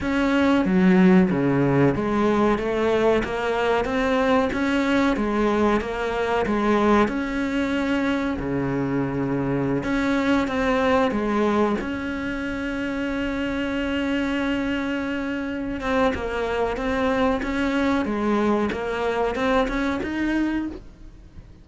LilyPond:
\new Staff \with { instrumentName = "cello" } { \time 4/4 \tempo 4 = 93 cis'4 fis4 cis4 gis4 | a4 ais4 c'4 cis'4 | gis4 ais4 gis4 cis'4~ | cis'4 cis2~ cis16 cis'8.~ |
cis'16 c'4 gis4 cis'4.~ cis'16~ | cis'1~ | cis'8 c'8 ais4 c'4 cis'4 | gis4 ais4 c'8 cis'8 dis'4 | }